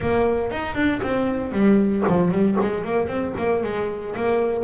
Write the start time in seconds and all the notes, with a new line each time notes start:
0.00 A#3
0.51 D#4
0.75 D4
1.02 C4
1.52 G3
2.08 F3
2.31 G3
2.60 G#3
2.84 A#3
3.07 C4
3.37 A#3
3.63 G#3
4.16 A#3